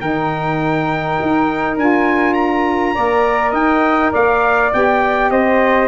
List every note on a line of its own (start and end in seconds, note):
0.00 1.18 D#3
0.00 1.78 D#4
0.00 2.94 A#4
0.00 1.76 G5
1.21 1.76 D#4
1.76 2.94 D4
1.76 2.95 F4
1.76 2.33 G#5
2.33 3.51 A#5
2.94 3.52 A#3
2.94 4.71 A#4
2.94 3.51 D5
3.51 4.11 D#4
3.51 4.10 D#5
3.51 4.12 G5
4.12 4.72 A#3
4.12 5.29 D5
4.12 4.72 F5
4.72 5.31 B3
4.72 5.88 G4
4.72 5.30 G5
5.30 5.88 C4
5.30 5.88 C5
5.30 5.88 D#5